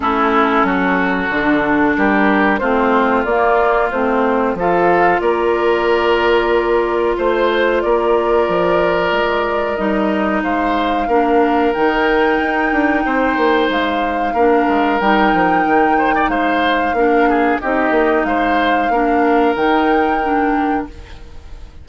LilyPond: <<
  \new Staff \with { instrumentName = "flute" } { \time 4/4 \tempo 4 = 92 a'2. ais'4 | c''4 d''4 c''4 f''4 | d''2. c''4 | d''2. dis''4 |
f''2 g''2~ | g''4 f''2 g''4~ | g''4 f''2 dis''4 | f''2 g''2 | }
  \new Staff \with { instrumentName = "oboe" } { \time 4/4 e'4 fis'2 g'4 | f'2. a'4 | ais'2. c''4 | ais'1 |
c''4 ais'2. | c''2 ais'2~ | ais'8 c''16 d''16 c''4 ais'8 gis'8 g'4 | c''4 ais'2. | }
  \new Staff \with { instrumentName = "clarinet" } { \time 4/4 cis'2 d'2 | c'4 ais4 c'4 f'4~ | f'1~ | f'2. dis'4~ |
dis'4 d'4 dis'2~ | dis'2 d'4 dis'4~ | dis'2 d'4 dis'4~ | dis'4 d'4 dis'4 d'4 | }
  \new Staff \with { instrumentName = "bassoon" } { \time 4/4 a4 fis4 d4 g4 | a4 ais4 a4 f4 | ais2. a4 | ais4 f4 gis4 g4 |
gis4 ais4 dis4 dis'8 d'8 | c'8 ais8 gis4 ais8 gis8 g8 f8 | dis4 gis4 ais4 c'8 ais8 | gis4 ais4 dis2 | }
>>